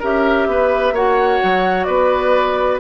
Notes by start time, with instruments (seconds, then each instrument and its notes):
0.00 bassoon C#4, clarinet G4, oboe A#4, flute E5
0.47 bassoon B3, oboe B4
0.92 bassoon A#3, clarinet F#4, oboe C#5, flute F#5
1.44 bassoon F#3
1.84 bassoon B3, oboe B4, flute D5